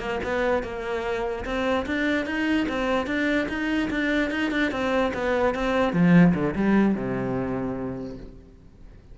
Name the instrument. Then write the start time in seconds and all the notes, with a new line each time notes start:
cello
0.00 A#3
0.24 B3
0.64 A#3
1.46 C4
1.87 D4
2.26 D#4
2.69 C4
3.07 D4
3.49 D#4
3.91 D4
4.31 D#4
4.52 D4
4.72 C4
5.14 B3
5.55 C4
5.94 F3
6.35 D3
6.56 G3
6.95 C3